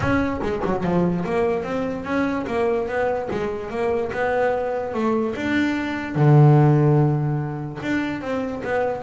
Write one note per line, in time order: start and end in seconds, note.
0.00 0.40 C#4
0.41 0.62 G#3
0.65 0.83 F#3
0.83 1.24 F3
1.24 1.63 A#3
1.63 2.04 C4
2.04 2.45 C#4
2.46 2.87 A#3
2.87 3.29 B3
3.30 3.70 G#3
3.70 4.11 A#3
4.12 4.94 B3
4.94 5.35 A3
5.35 6.15 D4
6.15 7.79 D3
7.82 8.21 D4
8.21 8.62 C4
8.63 9.02 B3